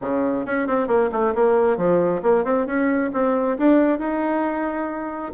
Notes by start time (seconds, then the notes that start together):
0.01 C#3
0.45 C#4
0.67 C4
0.87 A#3
1.12 A3
1.34 A#3
1.77 F3
2.22 A#3
2.44 C4
2.66 C#4
3.13 C4
3.57 D4
3.99 D#4